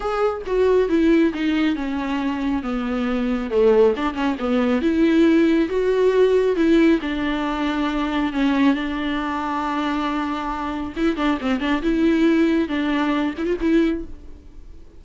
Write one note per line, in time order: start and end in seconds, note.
0.00 0.42 G#4
0.46 0.89 F#4
0.89 1.32 E4
1.33 1.75 D#4
1.75 2.62 C#4
2.62 3.50 B3
3.50 3.94 A3
3.96 4.14 D4
4.14 4.36 C#4
4.39 4.81 B3
4.81 5.68 E4
5.68 6.56 F#4
6.56 6.99 E4
7.01 8.32 D4
8.32 8.74 C#4
8.74 10.93 D4
10.96 11.16 E4
11.16 11.38 D4
11.40 11.60 C4
11.60 11.82 D4
11.82 12.68 E4
12.68 13.34 D4
13.37 13.46 E4
13.46 13.56 F4
13.60 14.04 E4